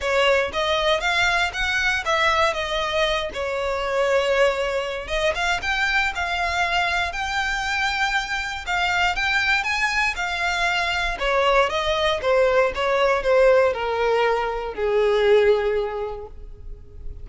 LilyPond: \new Staff \with { instrumentName = "violin" } { \time 4/4 \tempo 4 = 118 cis''4 dis''4 f''4 fis''4 | e''4 dis''4. cis''4.~ | cis''2 dis''8 f''8 g''4 | f''2 g''2~ |
g''4 f''4 g''4 gis''4 | f''2 cis''4 dis''4 | c''4 cis''4 c''4 ais'4~ | ais'4 gis'2. | }